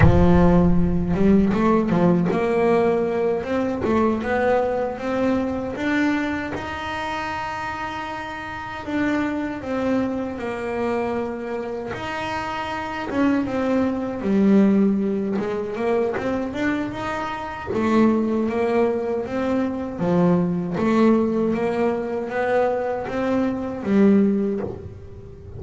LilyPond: \new Staff \with { instrumentName = "double bass" } { \time 4/4 \tempo 4 = 78 f4. g8 a8 f8 ais4~ | ais8 c'8 a8 b4 c'4 d'8~ | d'8 dis'2. d'8~ | d'8 c'4 ais2 dis'8~ |
dis'4 cis'8 c'4 g4. | gis8 ais8 c'8 d'8 dis'4 a4 | ais4 c'4 f4 a4 | ais4 b4 c'4 g4 | }